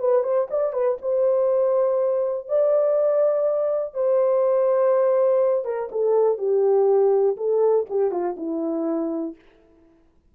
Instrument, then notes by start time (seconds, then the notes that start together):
horn
0.00 B4
0.23 C5
0.51 D5
0.73 B4
1.02 C5
2.49 D5
3.94 C5
5.65 A#4
5.92 A4
6.38 G4
7.37 A4
7.90 G4
8.11 F4
8.37 E4